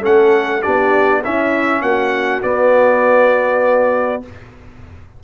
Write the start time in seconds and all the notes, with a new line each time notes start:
0.00 A3 C#4 A4 F#5
0.62 B3 D4 G4 D5
1.24 C#4 E4 E5
1.81 A#3 F#4 F#5
2.42 B3 D5